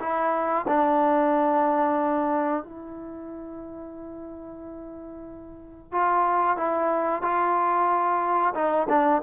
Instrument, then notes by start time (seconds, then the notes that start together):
trombone
0.00 E4
0.68 D4
2.63 E4
5.92 F4
6.57 E4
7.22 F4
8.54 D#4
8.89 D4